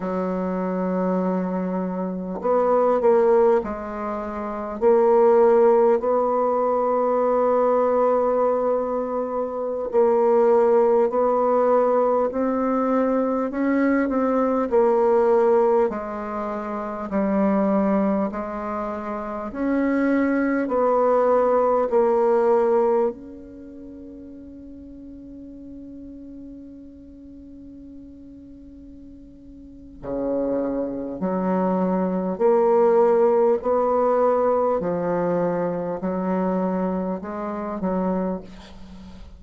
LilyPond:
\new Staff \with { instrumentName = "bassoon" } { \time 4/4 \tempo 4 = 50 fis2 b8 ais8 gis4 | ais4 b2.~ | b16 ais4 b4 c'4 cis'8 c'16~ | c'16 ais4 gis4 g4 gis8.~ |
gis16 cis'4 b4 ais4 cis'8.~ | cis'1~ | cis'4 cis4 fis4 ais4 | b4 f4 fis4 gis8 fis8 | }